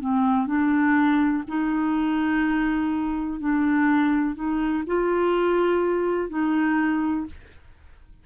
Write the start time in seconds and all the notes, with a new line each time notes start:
0.00 C4
0.46 D4
1.47 D#4
3.39 D4
4.35 D#4
4.86 F4
6.29 D#4